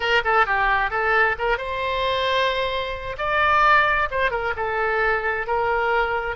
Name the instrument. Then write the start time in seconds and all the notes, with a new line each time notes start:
oboe
0.00 A#4
0.24 A4
0.46 G4
0.90 A4
1.38 A#4
1.57 C5
3.17 D5
4.10 C5
4.31 A#4
4.56 A4
5.46 A#4